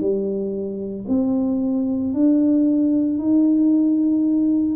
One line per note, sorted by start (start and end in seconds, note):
0.00 1.05 G3
1.08 2.13 C4
2.13 3.19 D4
3.19 4.76 D#4